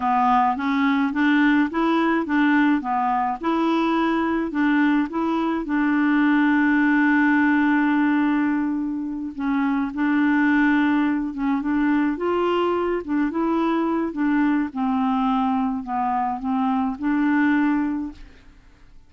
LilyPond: \new Staff \with { instrumentName = "clarinet" } { \time 4/4 \tempo 4 = 106 b4 cis'4 d'4 e'4 | d'4 b4 e'2 | d'4 e'4 d'2~ | d'1~ |
d'8 cis'4 d'2~ d'8 | cis'8 d'4 f'4. d'8 e'8~ | e'4 d'4 c'2 | b4 c'4 d'2 | }